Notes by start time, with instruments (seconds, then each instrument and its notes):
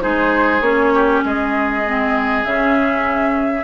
0.00 bassoon G#3, clarinet D#4, oboe G#4, flute C5
0.60 bassoon A#3, clarinet C#4, flute C#5
0.93 oboe G4
1.24 bassoon G#3, oboe G#4, flute D#5
1.86 clarinet C4
2.44 bassoon C#3, clarinet C#4, flute E5